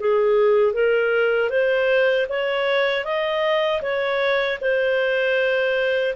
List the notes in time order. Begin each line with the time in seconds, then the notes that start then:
0.00 G#4
0.74 A#4
1.50 C5
2.29 C#5
3.05 D#5
3.82 C#5
4.61 C5